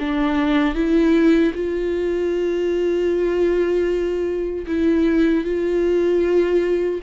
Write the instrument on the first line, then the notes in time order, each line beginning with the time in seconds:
viola
0.00 D4
0.75 E4
1.55 F4
4.67 E4
5.45 F4